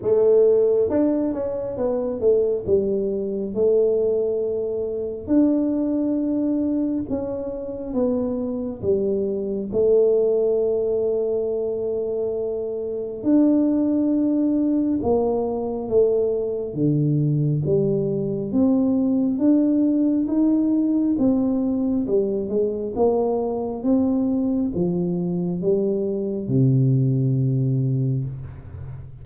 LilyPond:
\new Staff \with { instrumentName = "tuba" } { \time 4/4 \tempo 4 = 68 a4 d'8 cis'8 b8 a8 g4 | a2 d'2 | cis'4 b4 g4 a4~ | a2. d'4~ |
d'4 ais4 a4 d4 | g4 c'4 d'4 dis'4 | c'4 g8 gis8 ais4 c'4 | f4 g4 c2 | }